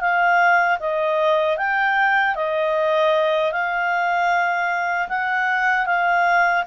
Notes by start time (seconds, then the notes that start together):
0.00 F5
0.79 D#5
1.57 G5
2.35 D#5
3.52 F5
5.08 F#5
5.86 F5